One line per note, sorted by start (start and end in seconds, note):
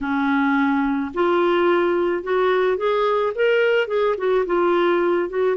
0.00 1.11 C#4
1.14 2.23 F4
2.23 2.77 F#4
2.77 3.32 G#4
3.35 3.87 A#4
3.87 4.15 G#4
4.17 4.45 F#4
4.46 5.29 F4
5.29 5.56 F#4